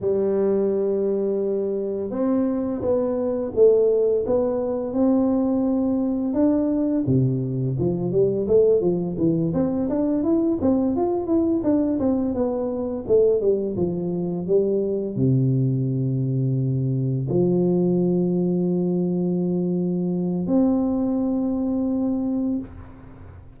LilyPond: \new Staff \with { instrumentName = "tuba" } { \time 4/4 \tempo 4 = 85 g2. c'4 | b4 a4 b4 c'4~ | c'4 d'4 c4 f8 g8 | a8 f8 e8 c'8 d'8 e'8 c'8 f'8 |
e'8 d'8 c'8 b4 a8 g8 f8~ | f8 g4 c2~ c8~ | c8 f2.~ f8~ | f4 c'2. | }